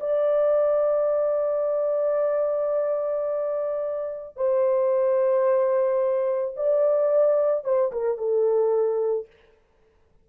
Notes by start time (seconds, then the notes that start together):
0.00 D5
4.36 C5
6.56 D5
7.64 C5
7.92 A#4
8.17 A4